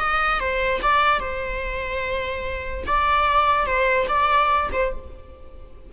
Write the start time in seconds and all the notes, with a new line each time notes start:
0.00 D#5
0.40 C5
0.83 D5
1.20 C5
2.87 D5
3.66 C5
4.09 D5
4.73 C5